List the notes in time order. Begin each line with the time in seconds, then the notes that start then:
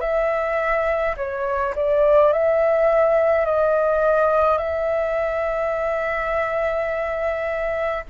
0.00 E5
1.16 C#5
1.75 D5
2.32 E5
3.45 D#5
4.57 E5